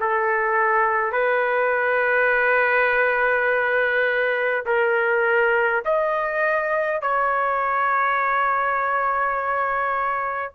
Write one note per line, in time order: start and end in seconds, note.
0.00 1.12 A4
1.12 4.65 B4
4.66 5.83 A#4
5.84 7.02 D#5
7.02 10.55 C#5